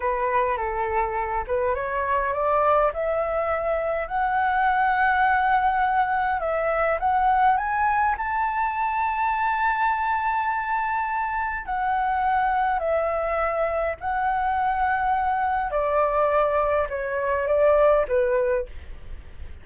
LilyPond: \new Staff \with { instrumentName = "flute" } { \time 4/4 \tempo 4 = 103 b'4 a'4. b'8 cis''4 | d''4 e''2 fis''4~ | fis''2. e''4 | fis''4 gis''4 a''2~ |
a''1 | fis''2 e''2 | fis''2. d''4~ | d''4 cis''4 d''4 b'4 | }